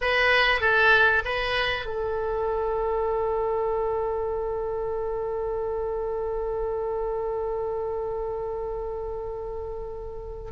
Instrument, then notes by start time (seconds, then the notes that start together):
oboe
0.01 B4
0.60 A4
1.24 B4
1.85 A4